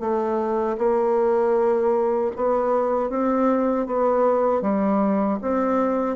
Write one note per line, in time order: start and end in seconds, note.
0.00 0.77 A3
0.77 2.31 A#3
2.36 3.09 B3
3.09 3.86 C4
3.86 4.62 B3
4.62 5.38 G3
5.42 6.16 C4